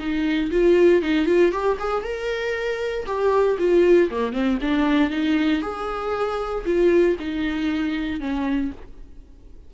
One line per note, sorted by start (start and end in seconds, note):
0.00 0.51 D#4
0.52 1.03 F4
1.03 1.26 D#4
1.26 1.52 F4
1.52 1.78 G4
1.80 2.03 G#4
2.03 3.06 A#4
3.07 3.58 G4
3.59 4.10 F4
4.11 4.33 A#3
4.33 4.59 C4
4.62 5.11 D4
5.11 5.62 D#4
5.62 6.65 G#4
6.66 7.17 F4
7.20 8.21 D#4
8.21 8.72 C#4